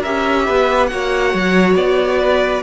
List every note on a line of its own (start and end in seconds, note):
0.00 0.48 C#4
0.00 0.90 G4
0.00 0.43 A#4
0.00 0.86 E5
0.46 0.92 B3
0.46 0.90 B4
0.86 1.34 A#3
0.86 2.63 F#4
0.86 2.19 C#5
0.86 1.73 F#5
1.34 1.75 F#3
1.75 2.62 B3
1.75 2.63 D5
2.19 2.63 B4